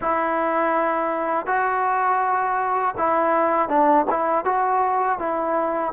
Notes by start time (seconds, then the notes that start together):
0.01 E4
1.46 F#4
2.97 E4
3.68 D4
4.09 E4
4.44 F#4
5.18 E4